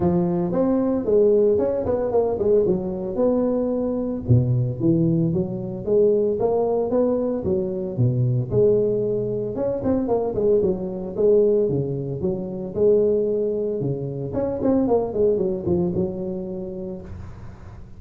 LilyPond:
\new Staff \with { instrumentName = "tuba" } { \time 4/4 \tempo 4 = 113 f4 c'4 gis4 cis'8 b8 | ais8 gis8 fis4 b2 | b,4 e4 fis4 gis4 | ais4 b4 fis4 b,4 |
gis2 cis'8 c'8 ais8 gis8 | fis4 gis4 cis4 fis4 | gis2 cis4 cis'8 c'8 | ais8 gis8 fis8 f8 fis2 | }